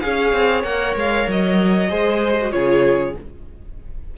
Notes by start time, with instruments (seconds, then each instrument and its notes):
0.00 cello C#4, viola G#4, violin C#5 F5
0.32 cello C4
0.63 cello A#3, viola A#4, violin F#5
0.95 cello G#3, violin F5
1.28 cello F#3, violin D#5
1.89 cello G#3, viola G#4, violin C5
2.41 viola F#4
2.52 cello C#3, viola F4, violin G#4 C#5